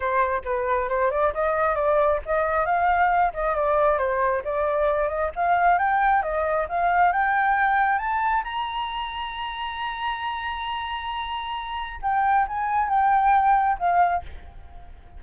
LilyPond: \new Staff \with { instrumentName = "flute" } { \time 4/4 \tempo 4 = 135 c''4 b'4 c''8 d''8 dis''4 | d''4 dis''4 f''4. dis''8 | d''4 c''4 d''4. dis''8 | f''4 g''4 dis''4 f''4 |
g''2 a''4 ais''4~ | ais''1~ | ais''2. g''4 | gis''4 g''2 f''4 | }